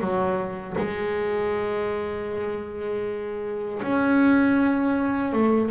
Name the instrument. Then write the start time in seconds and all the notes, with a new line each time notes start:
double bass
0.00 F#3
0.77 G#3
3.82 C#4
5.32 A3